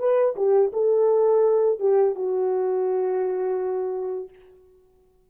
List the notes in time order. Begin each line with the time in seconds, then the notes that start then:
0.00 B4
0.36 G4
0.73 A4
1.80 G4
2.16 F#4